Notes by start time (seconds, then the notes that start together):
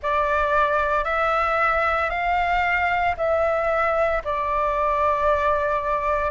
0.02 D5
1.04 E5
2.10 F5
3.17 E5
4.24 D5